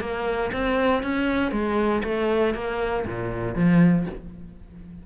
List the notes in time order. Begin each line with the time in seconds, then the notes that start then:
0.00 A#3
0.52 C4
1.03 C#4
1.51 G#3
2.03 A3
2.54 A#3
3.06 A#2
3.55 F3